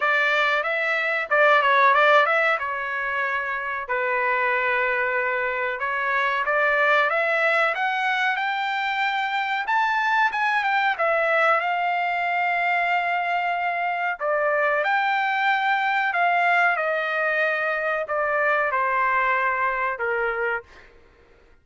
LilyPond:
\new Staff \with { instrumentName = "trumpet" } { \time 4/4 \tempo 4 = 93 d''4 e''4 d''8 cis''8 d''8 e''8 | cis''2 b'2~ | b'4 cis''4 d''4 e''4 | fis''4 g''2 a''4 |
gis''8 g''8 e''4 f''2~ | f''2 d''4 g''4~ | g''4 f''4 dis''2 | d''4 c''2 ais'4 | }